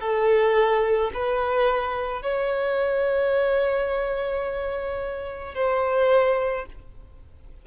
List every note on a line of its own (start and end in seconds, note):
0.00 1.11 A4
1.14 2.22 B4
2.22 5.55 C#5
5.55 6.66 C5